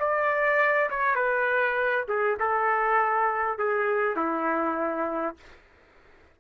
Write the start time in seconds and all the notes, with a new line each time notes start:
0.00 D5
0.90 C#5
1.15 B4
2.09 G#4
2.40 A4
3.59 G#4
4.16 E4